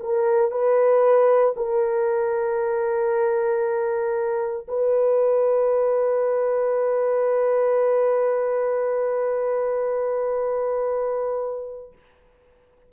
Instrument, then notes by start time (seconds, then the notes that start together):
horn
0.00 A#4
0.51 B4
1.56 A#4
4.68 B4